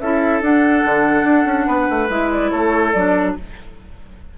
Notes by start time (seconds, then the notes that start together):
0.00 C#4 E4 A4 E5
0.41 D4 F#5
0.85 D3
1.24 D4
1.46 C#4
1.67 B3 B4
1.90 A3
2.09 G#3 E4 E5
2.32 D5
2.51 A3 A4 C#5
2.93 F#3 D4 D5